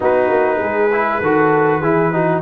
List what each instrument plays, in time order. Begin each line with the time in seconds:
0.00 tuba B3, trombone D#4, horn F#4, trumpet B4
0.29 tuba A#3
0.57 tuba G#3, horn G#4
0.92 trombone E4
1.21 tuba D#3, trombone F#4, horn A4
1.80 tuba E3, trombone E4, horn G#4
2.12 trombone D#4, horn F#4